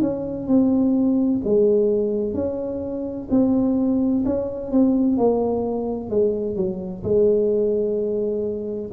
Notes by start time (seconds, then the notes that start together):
0.00 C#4
0.47 C4
1.44 G#3
2.34 C#4
3.30 C4
4.25 C#4
4.71 C4
5.17 A#3
6.09 G#3
6.55 F#3
7.03 G#3